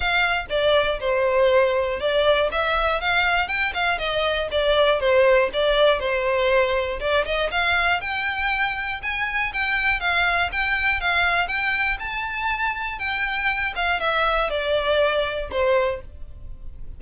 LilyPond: \new Staff \with { instrumentName = "violin" } { \time 4/4 \tempo 4 = 120 f''4 d''4 c''2 | d''4 e''4 f''4 g''8 f''8 | dis''4 d''4 c''4 d''4 | c''2 d''8 dis''8 f''4 |
g''2 gis''4 g''4 | f''4 g''4 f''4 g''4 | a''2 g''4. f''8 | e''4 d''2 c''4 | }